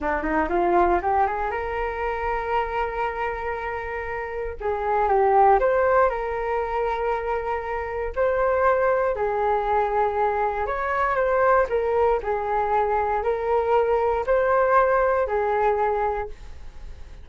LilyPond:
\new Staff \with { instrumentName = "flute" } { \time 4/4 \tempo 4 = 118 d'8 dis'8 f'4 g'8 gis'8 ais'4~ | ais'1~ | ais'4 gis'4 g'4 c''4 | ais'1 |
c''2 gis'2~ | gis'4 cis''4 c''4 ais'4 | gis'2 ais'2 | c''2 gis'2 | }